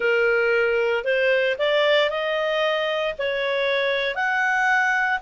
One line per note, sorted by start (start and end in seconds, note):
0.00 1.04 A#4
1.04 1.56 C5
1.58 2.10 D5
2.10 3.14 D#5
3.18 4.15 C#5
4.15 5.19 F#5